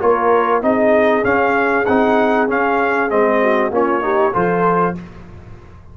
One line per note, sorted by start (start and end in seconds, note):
0.00 0.62 A#3
0.00 0.61 F4
0.00 0.62 A#4
0.00 0.62 C#5
0.61 1.24 C4
0.61 1.23 D#4
0.61 3.42 G#4
0.61 1.24 D#5
1.23 1.84 C#4
1.23 1.86 C#4
1.23 1.85 F5
1.85 2.49 C4
1.85 2.48 D#4
1.85 2.47 F#5
2.48 3.09 C#4
2.48 3.11 C#4
2.48 3.10 F5
3.09 3.70 G#3
3.09 3.71 C4
3.09 3.72 D#5
3.42 3.72 F#4
3.70 4.32 A#3
3.70 4.01 C#4
3.70 4.03 F4
3.70 4.35 C#5
4.01 4.32 D#4
4.01 4.34 G4
4.33 4.97 F3
4.33 4.94 F4
4.33 4.96 A4
4.33 4.97 C5